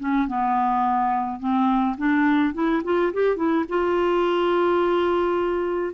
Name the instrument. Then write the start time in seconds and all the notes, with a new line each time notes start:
clarinet
0.00 C#4
0.28 B3
1.40 C4
1.98 D4
2.54 E4
2.85 F4
3.13 G4
3.37 E4
3.69 F4